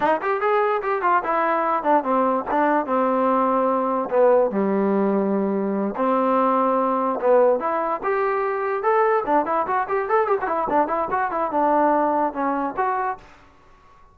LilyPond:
\new Staff \with { instrumentName = "trombone" } { \time 4/4 \tempo 4 = 146 dis'8 g'8 gis'4 g'8 f'8 e'4~ | e'8 d'8 c'4 d'4 c'4~ | c'2 b4 g4~ | g2~ g8 c'4.~ |
c'4. b4 e'4 g'8~ | g'4. a'4 d'8 e'8 fis'8 | g'8 a'8 g'16 fis'16 e'8 d'8 e'8 fis'8 e'8 | d'2 cis'4 fis'4 | }